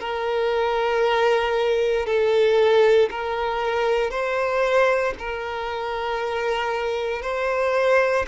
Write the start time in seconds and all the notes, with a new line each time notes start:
0.00 A#4
2.06 A4
3.11 A#4
4.11 C5
5.19 A#4
7.22 C5